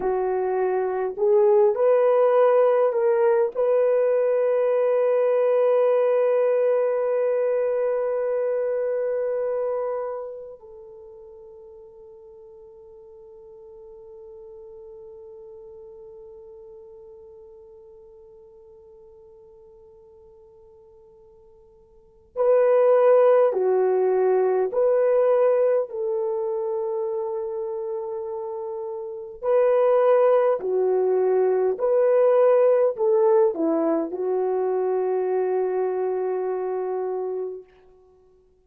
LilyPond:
\new Staff \with { instrumentName = "horn" } { \time 4/4 \tempo 4 = 51 fis'4 gis'8 b'4 ais'8 b'4~ | b'1~ | b'4 a'2.~ | a'1~ |
a'2. b'4 | fis'4 b'4 a'2~ | a'4 b'4 fis'4 b'4 | a'8 e'8 fis'2. | }